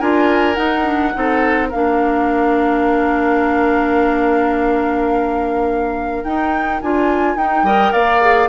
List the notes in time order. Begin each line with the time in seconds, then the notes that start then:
0.00 D4 F4 A#4 G#5
0.55 D#4 F#5
0.84 D4
1.14 C4 D#4 A4
1.69 A#3 D4 A#4 F5
6.25 D#4 G5
6.82 D4 F4 G#5
7.36 D#4 G5
7.63 G3 A#4 D#5
7.92 A#3 D5 F5
8.22 G#4